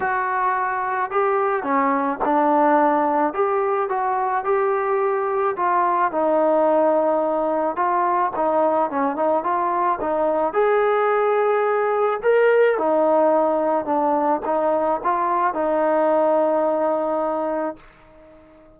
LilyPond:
\new Staff \with { instrumentName = "trombone" } { \time 4/4 \tempo 4 = 108 fis'2 g'4 cis'4 | d'2 g'4 fis'4 | g'2 f'4 dis'4~ | dis'2 f'4 dis'4 |
cis'8 dis'8 f'4 dis'4 gis'4~ | gis'2 ais'4 dis'4~ | dis'4 d'4 dis'4 f'4 | dis'1 | }